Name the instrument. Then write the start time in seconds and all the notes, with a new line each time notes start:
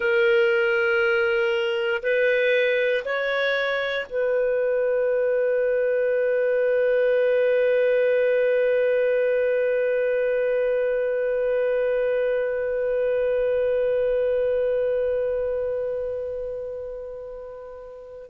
clarinet
0.00 A#4
2.02 B4
3.05 C#5
4.09 B4